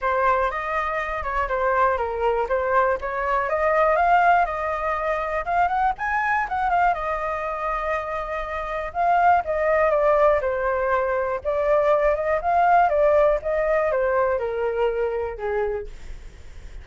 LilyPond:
\new Staff \with { instrumentName = "flute" } { \time 4/4 \tempo 4 = 121 c''4 dis''4. cis''8 c''4 | ais'4 c''4 cis''4 dis''4 | f''4 dis''2 f''8 fis''8 | gis''4 fis''8 f''8 dis''2~ |
dis''2 f''4 dis''4 | d''4 c''2 d''4~ | d''8 dis''8 f''4 d''4 dis''4 | c''4 ais'2 gis'4 | }